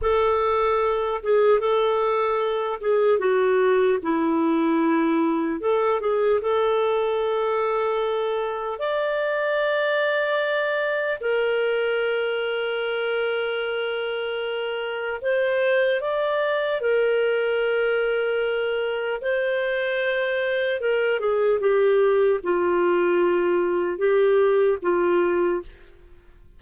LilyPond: \new Staff \with { instrumentName = "clarinet" } { \time 4/4 \tempo 4 = 75 a'4. gis'8 a'4. gis'8 | fis'4 e'2 a'8 gis'8 | a'2. d''4~ | d''2 ais'2~ |
ais'2. c''4 | d''4 ais'2. | c''2 ais'8 gis'8 g'4 | f'2 g'4 f'4 | }